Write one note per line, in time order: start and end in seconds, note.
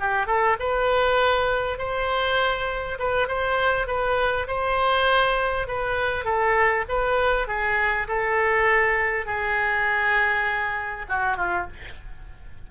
0.00 0.27 G4
0.27 0.57 A4
0.59 1.78 B4
1.78 2.98 C5
2.99 3.28 B4
3.28 3.87 C5
3.87 4.47 B4
4.48 5.68 C5
5.68 6.25 B4
6.25 6.85 A4
6.89 7.48 B4
7.48 8.08 G#4
8.08 9.26 A4
9.26 11.06 G#4
11.09 11.37 F#4
11.37 11.67 F4